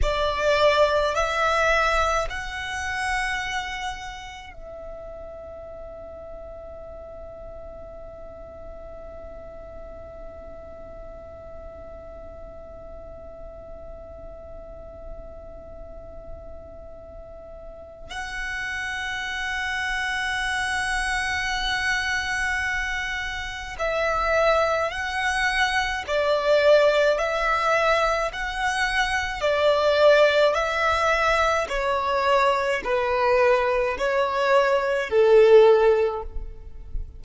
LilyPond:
\new Staff \with { instrumentName = "violin" } { \time 4/4 \tempo 4 = 53 d''4 e''4 fis''2 | e''1~ | e''1~ | e''1 |
fis''1~ | fis''4 e''4 fis''4 d''4 | e''4 fis''4 d''4 e''4 | cis''4 b'4 cis''4 a'4 | }